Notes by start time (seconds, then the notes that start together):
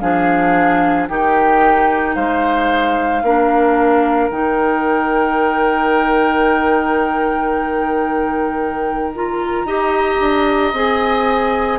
0.00 F3 D4 G#4 F5
1.09 D#3 D#4 G4 G5
2.15 G#3 C5 F5
3.23 A#3 D4 A#4
4.30 D#3 D#4 G5
9.15 F4 A#5
9.65 D#4 G4 D#5
10.20 D4
10.73 C4 G#4 G#5